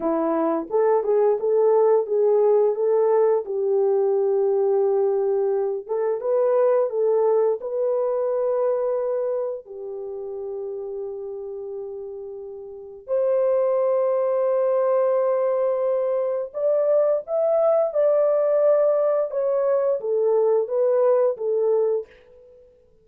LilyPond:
\new Staff \with { instrumentName = "horn" } { \time 4/4 \tempo 4 = 87 e'4 a'8 gis'8 a'4 gis'4 | a'4 g'2.~ | g'8 a'8 b'4 a'4 b'4~ | b'2 g'2~ |
g'2. c''4~ | c''1 | d''4 e''4 d''2 | cis''4 a'4 b'4 a'4 | }